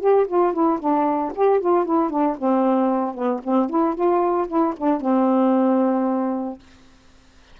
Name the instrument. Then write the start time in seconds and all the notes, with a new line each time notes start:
saxophone
0.00 G4
0.27 F4
0.53 E4
0.80 D4
1.35 G4
1.60 F4
1.85 E4
2.10 D4
2.38 C4
3.14 B3
3.44 C4
3.70 E4
3.95 F4
4.48 E4
4.77 D4
5.01 C4